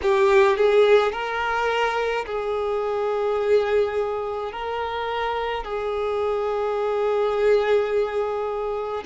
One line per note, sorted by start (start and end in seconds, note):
0.02 0.57 G4
0.57 1.12 G#4
1.12 2.25 A#4
2.26 4.52 G#4
4.52 5.63 A#4
5.63 9.03 G#4